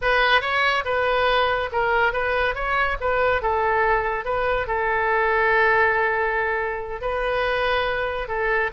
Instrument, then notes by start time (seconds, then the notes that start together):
oboe
0.01 B4
0.41 C#5
0.85 B4
1.72 A#4
2.13 B4
2.54 C#5
3.00 B4
3.42 A4
4.24 B4
4.67 A4
7.01 B4
8.27 A4